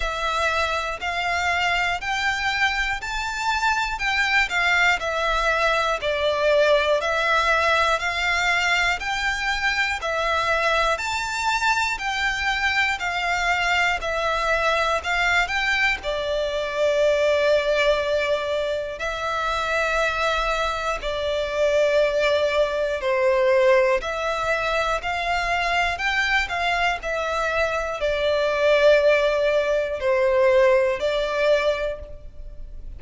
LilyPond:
\new Staff \with { instrumentName = "violin" } { \time 4/4 \tempo 4 = 60 e''4 f''4 g''4 a''4 | g''8 f''8 e''4 d''4 e''4 | f''4 g''4 e''4 a''4 | g''4 f''4 e''4 f''8 g''8 |
d''2. e''4~ | e''4 d''2 c''4 | e''4 f''4 g''8 f''8 e''4 | d''2 c''4 d''4 | }